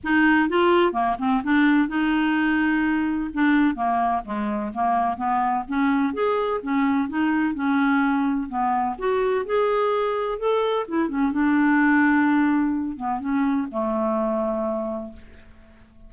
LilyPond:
\new Staff \with { instrumentName = "clarinet" } { \time 4/4 \tempo 4 = 127 dis'4 f'4 ais8 c'8 d'4 | dis'2. d'4 | ais4 gis4 ais4 b4 | cis'4 gis'4 cis'4 dis'4 |
cis'2 b4 fis'4 | gis'2 a'4 e'8 cis'8 | d'2.~ d'8 b8 | cis'4 a2. | }